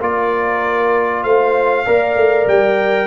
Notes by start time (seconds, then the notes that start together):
0.00 A#3 F4 A#4 D5
1.23 A3 C5 F5
1.85 A#3 A#4 D5
2.15 A3
2.46 G3 G5